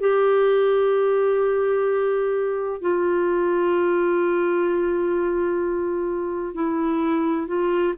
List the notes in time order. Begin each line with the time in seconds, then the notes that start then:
0.00 G4
2.80 F4
6.54 E4
7.47 F4